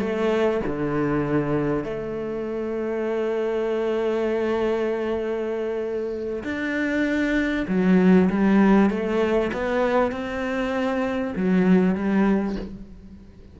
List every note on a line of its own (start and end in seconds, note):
0.00 0.61 A3
0.67 1.85 D3
1.85 6.44 A3
6.44 7.66 D4
7.68 8.29 F#3
8.30 8.90 G3
8.90 9.51 A3
9.53 10.12 B3
10.12 11.34 C4
11.37 11.95 F#3
11.95 12.56 G3